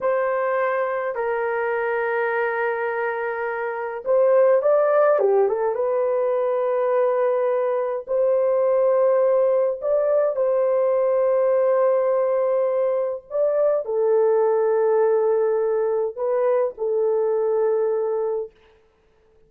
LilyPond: \new Staff \with { instrumentName = "horn" } { \time 4/4 \tempo 4 = 104 c''2 ais'2~ | ais'2. c''4 | d''4 g'8 a'8 b'2~ | b'2 c''2~ |
c''4 d''4 c''2~ | c''2. d''4 | a'1 | b'4 a'2. | }